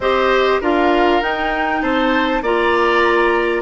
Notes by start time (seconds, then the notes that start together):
0.00 C4 G4 C5 D#5
0.60 D4 F4 A#4 F5
1.21 D#4 G5
1.81 C4 C5 A5
2.41 A#3 F4 D5 A#5